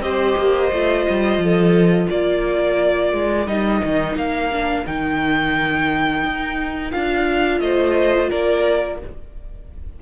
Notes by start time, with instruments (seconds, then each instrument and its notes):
0.00 cello C4, viola G4, violin C5 D#5
0.37 cello A#3
0.72 cello A3, viola F4
1.09 cello G3
1.37 cello F3, violin A4
2.10 cello A#3, violin A#4 D5
3.12 cello G#3
3.47 cello G3, viola D#4, violin D#5
3.84 cello D#3
4.16 cello A#3, violin F5
4.52 viola D4
4.85 cello D#3, viola D#4, violin G5
6.24 cello D#4
6.91 cello D4, viola F4, violin F5
7.60 cello A3, violin C5 D#5
8.29 cello A#3, violin A#4 D5